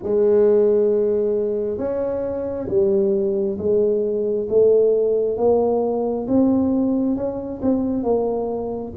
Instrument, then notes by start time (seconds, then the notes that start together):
tuba
0.02 G#3
1.77 C#4
2.68 G3
3.58 G#3
4.49 A3
5.37 A#3
6.27 C4
7.16 C#4
7.62 C4
8.03 A#3